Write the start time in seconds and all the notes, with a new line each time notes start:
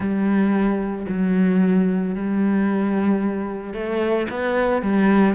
0.00 G3
1.08 F#3
2.14 G3
3.73 A3
4.30 B3
4.82 G3